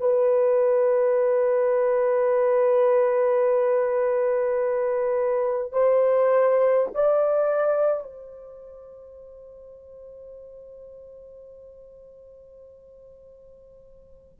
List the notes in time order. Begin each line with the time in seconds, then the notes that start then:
0.00 B4
5.72 C5
6.94 D5
8.03 C5